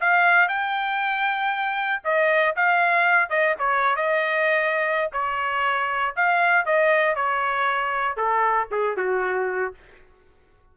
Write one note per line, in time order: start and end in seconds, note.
0.00 0.48 F5
0.48 2.02 G5
2.04 2.55 D#5
2.56 3.30 F5
3.30 3.55 D#5
3.59 3.96 C#5
3.96 5.11 D#5
5.12 6.15 C#5
6.16 6.65 F5
6.65 7.15 D#5
7.15 8.17 C#5
8.17 8.68 A4
8.71 8.97 G#4
8.97 9.73 F#4